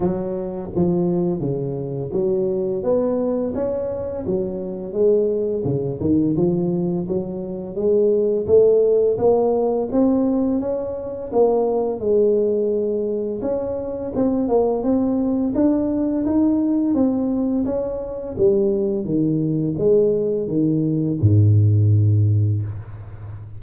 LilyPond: \new Staff \with { instrumentName = "tuba" } { \time 4/4 \tempo 4 = 85 fis4 f4 cis4 fis4 | b4 cis'4 fis4 gis4 | cis8 dis8 f4 fis4 gis4 | a4 ais4 c'4 cis'4 |
ais4 gis2 cis'4 | c'8 ais8 c'4 d'4 dis'4 | c'4 cis'4 g4 dis4 | gis4 dis4 gis,2 | }